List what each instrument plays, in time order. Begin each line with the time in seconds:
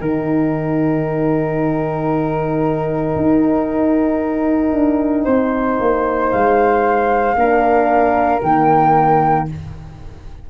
0.00 tuba D#3, horn D#4, flute A#4 G5
3.16 tuba D#4
4.73 tuba D4
5.25 tuba C4, flute C5
5.80 tuba A#3
6.30 tuba G#3, flute F5
7.35 tuba A#3, horn D4, flute A#4
8.42 tuba D#3, horn A#3, flute G5